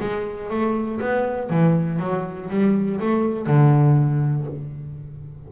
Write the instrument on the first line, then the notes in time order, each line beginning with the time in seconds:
double bass
0.00 G#3
0.50 A3
1.01 B3
1.50 E3
2.00 F#3
2.50 G3
3.01 A3
3.47 D3